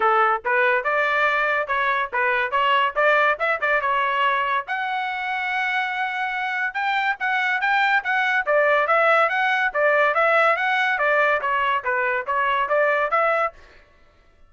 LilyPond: \new Staff \with { instrumentName = "trumpet" } { \time 4/4 \tempo 4 = 142 a'4 b'4 d''2 | cis''4 b'4 cis''4 d''4 | e''8 d''8 cis''2 fis''4~ | fis''1 |
g''4 fis''4 g''4 fis''4 | d''4 e''4 fis''4 d''4 | e''4 fis''4 d''4 cis''4 | b'4 cis''4 d''4 e''4 | }